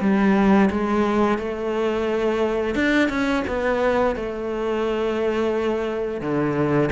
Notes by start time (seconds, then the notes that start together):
0.00 G3
0.70 G#3
1.38 A3
2.75 D4
3.08 C#4
3.47 B3
4.15 A3
6.21 D3